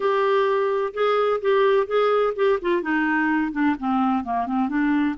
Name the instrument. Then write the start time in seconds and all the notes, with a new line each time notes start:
clarinet
0.00 G4
0.93 G#4
1.41 G4
1.86 G#4
2.35 G4
2.61 F4
2.81 D#4
3.52 D4
3.79 C4
4.24 A#3
4.46 C4
4.69 D4